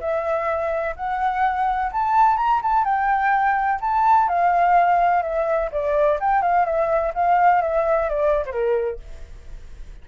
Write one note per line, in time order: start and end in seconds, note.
0.00 0.95 E5
0.96 1.91 F#5
1.92 2.37 A5
2.37 2.61 A#5
2.62 2.84 A5
2.84 3.80 G5
3.81 4.28 A5
4.28 5.22 F5
5.22 5.70 E5
5.71 6.19 D5
6.20 6.42 G5
6.42 6.65 F5
6.65 7.13 E5
7.15 7.61 F5
7.61 8.09 E5
8.09 8.45 D5
8.45 8.52 C5
8.52 8.99 A#4